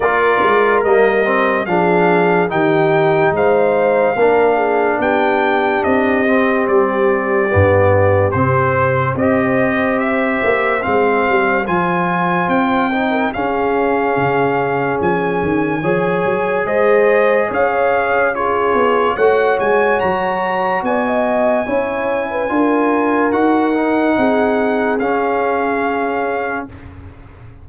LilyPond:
<<
  \new Staff \with { instrumentName = "trumpet" } { \time 4/4 \tempo 4 = 72 d''4 dis''4 f''4 g''4 | f''2 g''4 dis''4 | d''2 c''4 dis''4 | e''4 f''4 gis''4 g''4 |
f''2 gis''2 | dis''4 f''4 cis''4 fis''8 gis''8 | ais''4 gis''2. | fis''2 f''2 | }
  \new Staff \with { instrumentName = "horn" } { \time 4/4 ais'2 gis'4 g'4 | c''4 ais'8 gis'8 g'2~ | g'2. c''4~ | c''2.~ c''8. ais'16 |
gis'2. cis''4 | c''4 cis''4 gis'4 cis''4~ | cis''4 d''16 dis''8. cis''8. b'16 ais'4~ | ais'4 gis'2. | }
  \new Staff \with { instrumentName = "trombone" } { \time 4/4 f'4 ais8 c'8 d'4 dis'4~ | dis'4 d'2~ d'8 c'8~ | c'4 b4 c'4 g'4~ | g'4 c'4 f'4. dis'8 |
cis'2. gis'4~ | gis'2 f'4 fis'4~ | fis'2 e'4 f'4 | fis'8 dis'4. cis'2 | }
  \new Staff \with { instrumentName = "tuba" } { \time 4/4 ais8 gis8 g4 f4 dis4 | gis4 ais4 b4 c'4 | g4 g,4 c4 c'4~ | c'8 ais8 gis8 g8 f4 c'4 |
cis'4 cis4 f8 dis8 f8 fis8 | gis4 cis'4. b8 a8 gis8 | fis4 b4 cis'4 d'4 | dis'4 c'4 cis'2 | }
>>